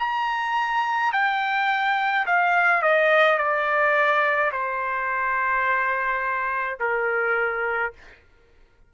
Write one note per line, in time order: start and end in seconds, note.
0.00 1.13 A#5
1.13 2.26 G5
2.26 2.83 F5
2.83 3.39 D#5
3.39 4.52 D5
4.52 6.79 C5
6.80 7.93 A#4